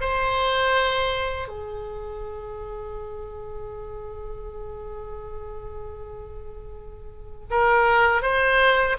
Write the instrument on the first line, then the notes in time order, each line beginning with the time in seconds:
oboe
0.00 C5
1.48 G#4
7.50 A#4
8.21 C5